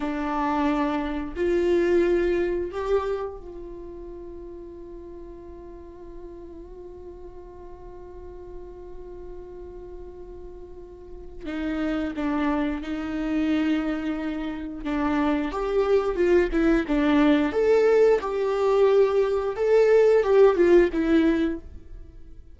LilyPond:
\new Staff \with { instrumentName = "viola" } { \time 4/4 \tempo 4 = 89 d'2 f'2 | g'4 f'2.~ | f'1~ | f'1~ |
f'4 dis'4 d'4 dis'4~ | dis'2 d'4 g'4 | f'8 e'8 d'4 a'4 g'4~ | g'4 a'4 g'8 f'8 e'4 | }